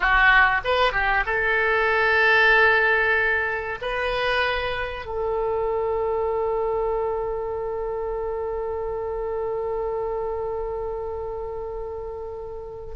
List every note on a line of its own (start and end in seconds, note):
0.00 0.61 F#4
0.64 0.92 B4
0.92 1.24 G4
1.26 3.78 A4
3.81 5.05 B4
5.05 12.95 A4